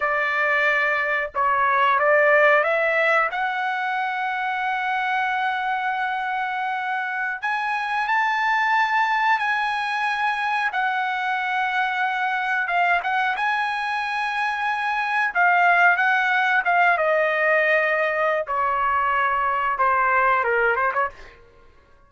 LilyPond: \new Staff \with { instrumentName = "trumpet" } { \time 4/4 \tempo 4 = 91 d''2 cis''4 d''4 | e''4 fis''2.~ | fis''2.~ fis''16 gis''8.~ | gis''16 a''2 gis''4.~ gis''16~ |
gis''16 fis''2. f''8 fis''16~ | fis''16 gis''2. f''8.~ | f''16 fis''4 f''8 dis''2~ dis''16 | cis''2 c''4 ais'8 c''16 cis''16 | }